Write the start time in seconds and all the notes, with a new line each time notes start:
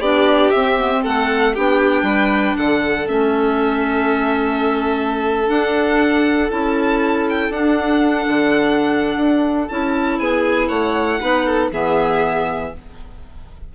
0.00 B3 D4 G4 D5
0.51 C4 E5
0.79 B3
0.92 C4
1.02 A3 A4 F#5
1.54 B3 D4 G4 G5
2.03 G3 B4
2.57 D3 A4 F#5
3.06 A3 C#4 E5
5.47 D4 F#5
6.50 C#4 E4 A5
7.29 G5
7.50 D4 F#5
8.28 D3
9.17 D4
9.69 C#4 E4 A5
10.19 B3 G#4 G#5
10.69 A3 C#5 F#5
11.20 B3 D#4 B4
11.46 A4
11.72 E3 B3 G#4 E5